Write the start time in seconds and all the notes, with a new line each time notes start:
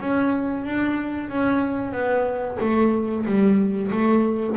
0.00 C#4
0.64 D4
1.29 C#4
1.92 B3
2.60 A3
3.25 G3
3.91 A3